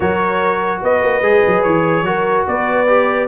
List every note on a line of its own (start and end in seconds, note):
0.00 0.82 F#3
0.00 1.22 F#4
0.00 0.82 A#4
0.00 0.82 C#5
0.82 1.02 B3
0.82 2.06 B4
0.82 1.62 D#5
1.02 1.21 A#3
1.21 1.41 G#3
1.21 2.04 G#4
1.46 1.65 F#3
1.62 2.02 E3
1.62 2.45 C#5
2.02 2.43 F#3
2.02 2.86 F#4
2.02 2.47 A#4
2.47 3.27 B3
2.47 3.27 B4
2.47 3.27 D5
2.87 3.27 G4